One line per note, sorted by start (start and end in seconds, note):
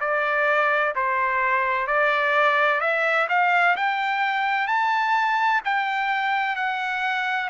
0.00 0.94 D5
0.95 1.87 C5
1.87 2.80 D5
2.80 3.27 E5
3.29 3.75 F5
3.76 4.67 G5
4.67 5.61 A5
5.64 6.55 G5
6.55 7.49 F#5